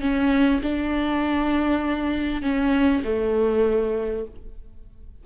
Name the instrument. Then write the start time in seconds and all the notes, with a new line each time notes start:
viola
0.00 C#4
0.62 D4
2.42 C#4
3.04 A3